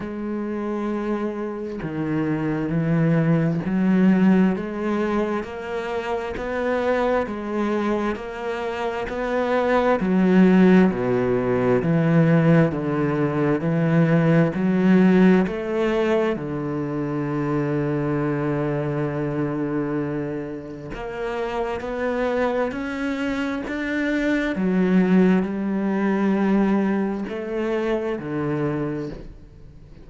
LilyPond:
\new Staff \with { instrumentName = "cello" } { \time 4/4 \tempo 4 = 66 gis2 dis4 e4 | fis4 gis4 ais4 b4 | gis4 ais4 b4 fis4 | b,4 e4 d4 e4 |
fis4 a4 d2~ | d2. ais4 | b4 cis'4 d'4 fis4 | g2 a4 d4 | }